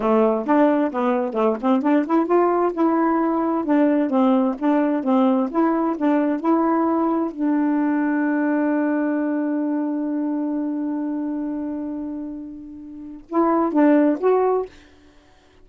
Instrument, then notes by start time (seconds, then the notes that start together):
saxophone
0.00 A3
0.46 D4
0.92 B3
1.33 A3
1.61 C4
1.82 D4
2.06 E4
2.26 F4
2.73 E4
3.65 D4
4.10 C4
4.58 D4
5.03 C4
5.50 E4
5.97 D4
6.40 E4
7.31 D4
13.28 E4
13.72 D4
14.20 F#4